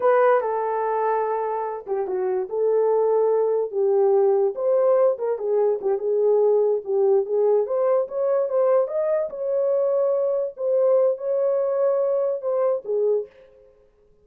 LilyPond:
\new Staff \with { instrumentName = "horn" } { \time 4/4 \tempo 4 = 145 b'4 a'2.~ | a'8 g'8 fis'4 a'2~ | a'4 g'2 c''4~ | c''8 ais'8 gis'4 g'8 gis'4.~ |
gis'8 g'4 gis'4 c''4 cis''8~ | cis''8 c''4 dis''4 cis''4.~ | cis''4. c''4. cis''4~ | cis''2 c''4 gis'4 | }